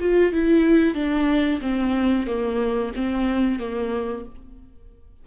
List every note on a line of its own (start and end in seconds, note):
0.00 0.32 F4
0.32 0.95 E4
0.95 1.61 D4
1.61 2.27 C4
2.27 2.93 A#3
2.96 3.59 C4
3.59 4.25 A#3